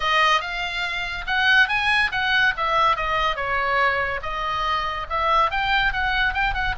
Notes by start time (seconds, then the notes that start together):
0.00 D#5
0.40 F5
1.27 F#5
1.68 G#5
2.11 F#5
2.56 E5
2.96 D#5
3.36 C#5
4.22 D#5
5.09 E5
5.50 G5
5.93 F#5
6.33 G5
6.54 F#5